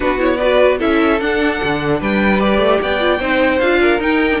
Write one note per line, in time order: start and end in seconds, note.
0.00 0.81 B3
0.00 0.18 D4
0.00 0.37 F#4
0.00 0.20 B4
0.18 0.38 E4
0.18 0.36 C#5
0.36 0.79 F#4
0.36 0.78 B4
0.36 0.76 D5
0.78 1.21 C#4
0.78 1.19 E4
0.78 1.98 A4
0.78 1.20 E5
1.20 1.61 D4
1.20 2.38 D4
1.20 2.00 F#5
1.63 2.00 D3
1.99 2.58 G3
1.99 2.79 B4
1.99 2.40 G5
2.38 2.98 G4
2.38 2.80 D5
2.58 2.78 A3
2.81 3.19 B3
2.81 3.19 D5
2.81 3.59 G5
2.99 3.19 F4
3.19 3.59 C4
3.19 3.61 D#4
3.19 3.79 C5
3.59 3.99 D4
3.59 3.99 F4
3.59 3.99 F5
3.81 4.40 A#4
3.99 4.29 D#4
3.99 4.39 D#4
3.99 4.40 G5
4.30 4.40 D4